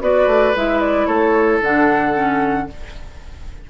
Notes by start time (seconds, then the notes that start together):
0.00 B3 F#4 B4 D5
0.26 A3
0.55 G#3 E4 E5
0.80 D5
1.06 A3 A4 C#5
1.60 D3 D4 F#5
2.13 C#4